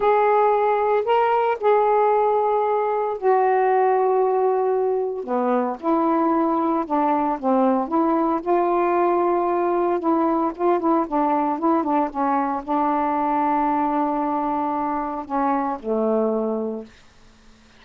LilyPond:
\new Staff \with { instrumentName = "saxophone" } { \time 4/4 \tempo 4 = 114 gis'2 ais'4 gis'4~ | gis'2 fis'2~ | fis'2 b4 e'4~ | e'4 d'4 c'4 e'4 |
f'2. e'4 | f'8 e'8 d'4 e'8 d'8 cis'4 | d'1~ | d'4 cis'4 a2 | }